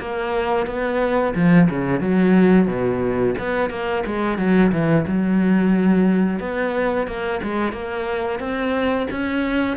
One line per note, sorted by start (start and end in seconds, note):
0.00 0.66 A#3
0.66 1.34 B3
1.35 1.69 F3
1.70 2.00 C#3
2.00 2.67 F#3
2.67 3.35 B2
3.39 3.70 B3
3.70 4.04 A#3
4.06 4.38 G#3
4.38 4.72 F#3
4.72 5.06 E3
5.07 6.40 F#3
6.40 7.07 B3
7.07 7.41 A#3
7.43 7.72 G#3
7.72 8.40 A#3
8.40 9.07 C4
9.11 9.77 C#4